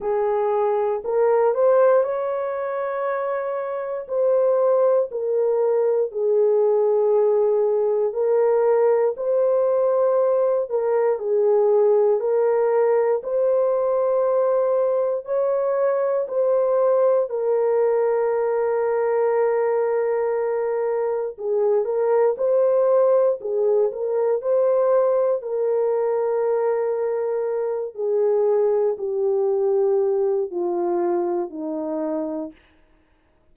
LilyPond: \new Staff \with { instrumentName = "horn" } { \time 4/4 \tempo 4 = 59 gis'4 ais'8 c''8 cis''2 | c''4 ais'4 gis'2 | ais'4 c''4. ais'8 gis'4 | ais'4 c''2 cis''4 |
c''4 ais'2.~ | ais'4 gis'8 ais'8 c''4 gis'8 ais'8 | c''4 ais'2~ ais'8 gis'8~ | gis'8 g'4. f'4 dis'4 | }